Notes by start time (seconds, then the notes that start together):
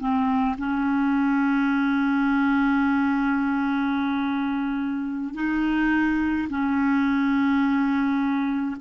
0.00 C4
0.59 C#4
5.35 D#4
6.50 C#4